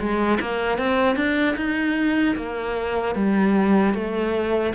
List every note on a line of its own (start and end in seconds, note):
0.00 0.39 G#3
0.41 0.79 A#3
0.79 1.16 C4
1.16 1.56 D4
1.57 2.36 D#4
2.36 3.15 A#3
3.15 3.94 G3
3.94 4.73 A3